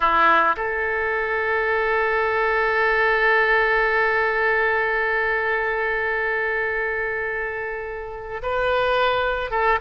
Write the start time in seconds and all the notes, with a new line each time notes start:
0.00 E4
0.56 A4
8.42 B4
9.50 A4